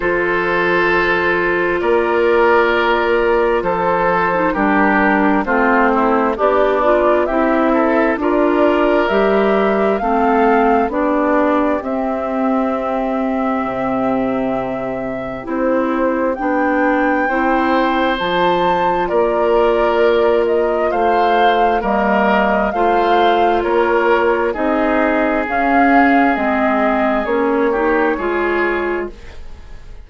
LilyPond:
<<
  \new Staff \with { instrumentName = "flute" } { \time 4/4 \tempo 4 = 66 c''2 d''2 | c''4 ais'4 c''4 d''4 | e''4 d''4 e''4 f''4 | d''4 e''2.~ |
e''4 c''4 g''2 | a''4 d''4. dis''8 f''4 | dis''4 f''4 cis''4 dis''4 | f''4 dis''4 cis''2 | }
  \new Staff \with { instrumentName = "oboe" } { \time 4/4 a'2 ais'2 | a'4 g'4 f'8 e'8 d'4 | g'8 a'8 ais'2 a'4 | g'1~ |
g'2. c''4~ | c''4 ais'2 c''4 | ais'4 c''4 ais'4 gis'4~ | gis'2~ gis'8 g'8 gis'4 | }
  \new Staff \with { instrumentName = "clarinet" } { \time 4/4 f'1~ | f'8. dis'16 d'4 c'4 g'8 f'8 | e'4 f'4 g'4 c'4 | d'4 c'2.~ |
c'4 e'4 d'4 e'4 | f'1 | ais4 f'2 dis'4 | cis'4 c'4 cis'8 dis'8 f'4 | }
  \new Staff \with { instrumentName = "bassoon" } { \time 4/4 f2 ais2 | f4 g4 a4 b4 | c'4 d'4 g4 a4 | b4 c'2 c4~ |
c4 c'4 b4 c'4 | f4 ais2 a4 | g4 a4 ais4 c'4 | cis'4 gis4 ais4 gis4 | }
>>